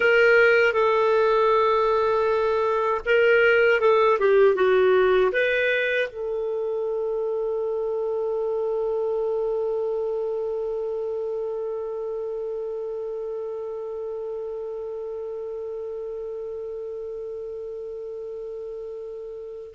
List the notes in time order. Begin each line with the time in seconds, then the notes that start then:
0.00 A#4
0.73 A4
3.05 A#4
3.80 A4
4.19 G4
4.55 F#4
5.32 B4
6.08 A4